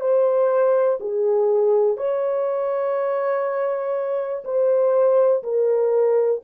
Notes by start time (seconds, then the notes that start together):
0.00 C5
1.00 G#4
1.97 C#5
4.44 C5
5.43 A#4